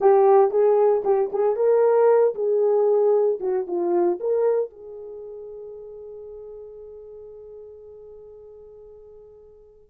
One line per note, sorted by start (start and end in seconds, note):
0.00 0.50 G4
0.50 1.02 G#4
1.04 1.30 G4
1.32 1.56 G#4
1.56 2.34 A#4
2.34 3.39 G#4
3.40 3.66 F#4
3.67 4.19 F4
4.20 4.70 A#4
4.70 9.90 G#4